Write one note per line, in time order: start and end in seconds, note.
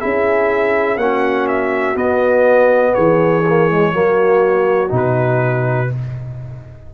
0.00 0.97 C#4
0.00 0.98 E4
0.00 0.99 G#4
0.00 0.98 E5
0.97 1.95 A#3
0.97 1.95 C#4
0.97 2.94 F#4
0.97 1.47 F#5
1.48 1.97 E5
1.95 3.43 B3
1.95 2.94 B3
1.95 2.95 D#5
2.94 3.93 E3
2.94 3.93 G#4
2.94 4.91 C#5
3.49 3.70 A#3
3.70 3.93 G#3
3.93 4.91 F#3
3.93 4.89 A#3
3.93 5.93 F#4
4.89 5.90 B2
4.89 5.87 D#4
4.96 5.94 B4